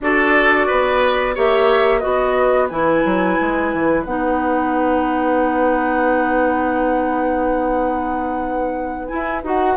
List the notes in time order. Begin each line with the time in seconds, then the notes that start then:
0.00 D4 F#4 A4 D5
0.67 B3 B4
1.35 A#3 G4 C#5 E5
1.99 B3 F#4 B4 D#5
2.69 E3 E4 G#5
3.04 F#3
3.40 G#3
3.73 E3
4.04 B3 D#4 F#5
9.07 E4 G#5
9.13 E4
9.43 D#4 F#4 F#5